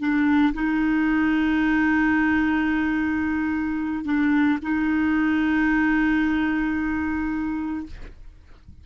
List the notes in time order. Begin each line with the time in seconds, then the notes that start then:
0.00 D4
0.54 D#4
4.05 D4
4.62 D#4